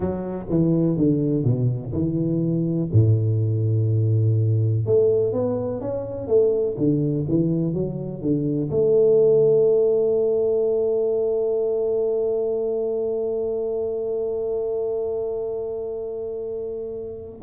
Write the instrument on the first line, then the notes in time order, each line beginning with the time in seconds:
tuba
0.00 F#3
0.49 E3
0.97 D3
1.44 B2
1.92 E3
2.92 A2
4.86 A3
5.32 B3
5.81 C#4
6.27 A3
6.77 D3
7.28 E3
7.73 F#3
8.21 D3
8.70 A3